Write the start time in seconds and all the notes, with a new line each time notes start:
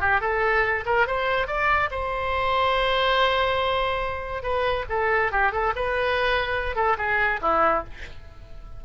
0.00 G4
0.20 A4
0.85 A#4
1.06 C5
1.47 D5
1.90 C5
4.42 B4
4.89 A4
5.31 G4
5.52 A4
5.75 B4
6.75 A4
6.97 G#4
7.41 E4